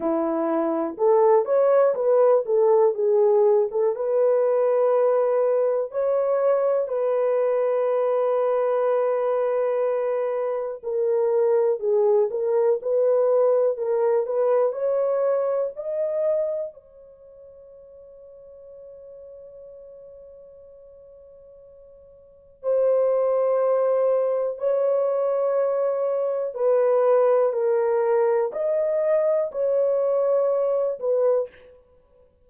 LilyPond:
\new Staff \with { instrumentName = "horn" } { \time 4/4 \tempo 4 = 61 e'4 a'8 cis''8 b'8 a'8 gis'8. a'16 | b'2 cis''4 b'4~ | b'2. ais'4 | gis'8 ais'8 b'4 ais'8 b'8 cis''4 |
dis''4 cis''2.~ | cis''2. c''4~ | c''4 cis''2 b'4 | ais'4 dis''4 cis''4. b'8 | }